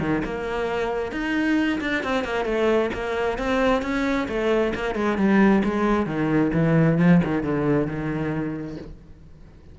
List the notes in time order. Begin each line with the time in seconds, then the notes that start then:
0.00 D#3
0.24 A#3
1.12 D#4
1.81 D4
2.04 C4
2.24 A#3
2.45 A3
2.94 A#3
3.38 C4
3.82 C#4
4.28 A3
4.75 A#3
4.95 G#3
5.17 G3
5.64 G#3
6.06 D#3
6.53 E3
6.98 F3
7.24 D#3
7.43 D3
7.87 D#3